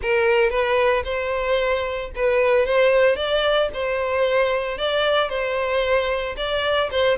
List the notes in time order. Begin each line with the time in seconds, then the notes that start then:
0.01 A#4
0.49 B4
1.04 C5
2.15 B4
2.65 C5
3.16 D5
3.73 C5
4.78 D5
5.29 C5
6.36 D5
6.91 C5